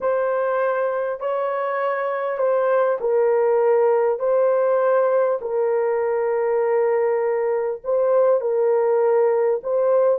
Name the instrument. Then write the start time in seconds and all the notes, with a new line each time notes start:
horn
0.00 C5
1.19 C#5
2.38 C5
3.00 A#4
4.19 C5
5.41 A#4
7.84 C5
8.40 A#4
9.63 C5